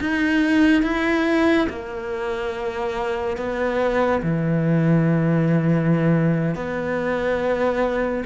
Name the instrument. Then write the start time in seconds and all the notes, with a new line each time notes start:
cello
0.00 D#4
0.83 E4
1.69 A#3
3.36 B3
4.23 E3
6.55 B3